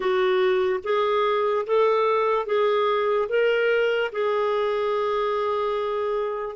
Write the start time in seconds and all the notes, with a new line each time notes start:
0.00 F#4
0.83 G#4
1.66 A4
2.46 G#4
3.29 A#4
4.11 G#4